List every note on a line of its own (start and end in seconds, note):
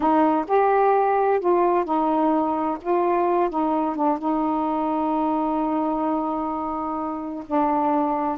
0.00 0.45 D#4
0.47 1.40 G4
1.40 1.85 F4
1.85 2.78 D#4
2.81 3.49 F4
3.49 3.95 D#4
3.95 4.18 D4
4.18 7.44 D#4
7.46 8.38 D4